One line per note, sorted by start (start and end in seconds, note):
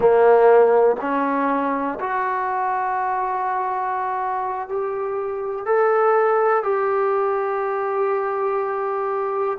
0.00 0.96 A#3
1.00 1.99 C#4
2.00 4.68 F#4
4.68 5.65 G4
5.65 6.63 A4
6.63 9.58 G4